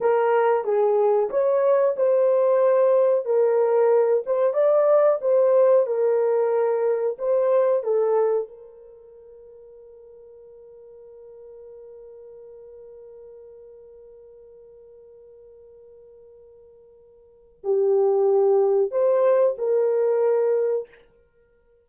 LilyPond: \new Staff \with { instrumentName = "horn" } { \time 4/4 \tempo 4 = 92 ais'4 gis'4 cis''4 c''4~ | c''4 ais'4. c''8 d''4 | c''4 ais'2 c''4 | a'4 ais'2.~ |
ais'1~ | ais'1~ | ais'2. g'4~ | g'4 c''4 ais'2 | }